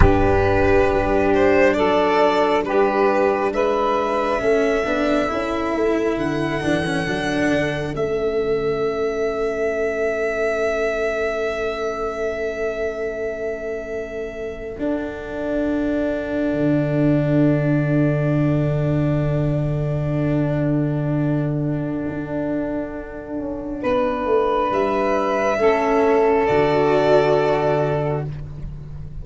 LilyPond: <<
  \new Staff \with { instrumentName = "violin" } { \time 4/4 \tempo 4 = 68 b'4. c''8 d''4 b'4 | e''2. fis''4~ | fis''4 e''2.~ | e''1~ |
e''8. fis''2.~ fis''16~ | fis''1~ | fis''1 | e''2 d''2 | }
  \new Staff \with { instrumentName = "saxophone" } { \time 4/4 g'2 a'4 g'4 | b'4 a'2.~ | a'1~ | a'1~ |
a'1~ | a'1~ | a'2. b'4~ | b'4 a'2. | }
  \new Staff \with { instrumentName = "cello" } { \time 4/4 d'1~ | d'4 cis'8 d'8 e'4. d'16 cis'16 | d'4 cis'2.~ | cis'1~ |
cis'8. d'2.~ d'16~ | d'1~ | d'1~ | d'4 cis'4 fis'2 | }
  \new Staff \with { instrumentName = "tuba" } { \time 4/4 g,4 g4 fis4 g4 | gis4 a8 b8 cis'8 a8 d8 e8 | fis8 d8 a2.~ | a1~ |
a8. d'2 d4~ d16~ | d1~ | d4 d'4. cis'8 b8 a8 | g4 a4 d2 | }
>>